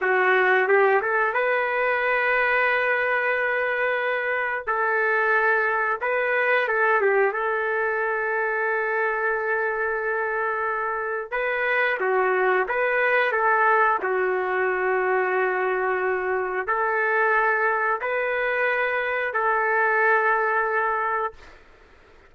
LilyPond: \new Staff \with { instrumentName = "trumpet" } { \time 4/4 \tempo 4 = 90 fis'4 g'8 a'8 b'2~ | b'2. a'4~ | a'4 b'4 a'8 g'8 a'4~ | a'1~ |
a'4 b'4 fis'4 b'4 | a'4 fis'2.~ | fis'4 a'2 b'4~ | b'4 a'2. | }